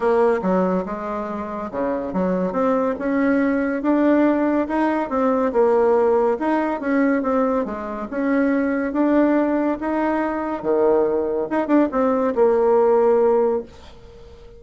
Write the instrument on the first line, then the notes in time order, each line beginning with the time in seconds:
bassoon
0.00 A#3
0.42 F#3
0.85 G#3
1.71 C#3
2.13 F#3
2.52 C4
2.98 C#4
3.82 D4
4.68 D#4
5.09 C4
5.52 A#3
6.39 D#4
6.80 C#4
7.22 C4
7.65 G#3
8.10 C#4
8.92 D4
9.80 D#4
10.62 D#3
11.50 D#4
11.67 D4
11.91 C4
12.35 A#3